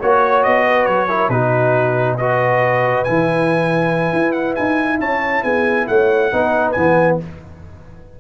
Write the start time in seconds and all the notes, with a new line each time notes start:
0.00 A#3 F#4 C#5
0.43 B3 D#5
0.66 B4
0.86 F#3 C#5
1.09 E4 A#4
1.29 B2 D#4 F#4 B4
2.18 F#4 B4 D#5
3.05 E3 E4 G#5
4.13 E4
4.33 F#5
4.56 D#4 G#5
5.00 C#4 C#5 A5
5.44 B3 G#4 G#5
5.88 A3 C#5 F#5
6.33 B3 D#4 B4
6.72 E3 B3 G#5